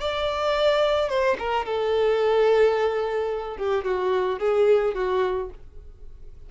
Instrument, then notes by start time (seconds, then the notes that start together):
violin
0.00 D5
1.09 C5
1.38 A#4
1.65 A4
3.57 G4
3.84 F#4
4.39 G#4
4.94 F#4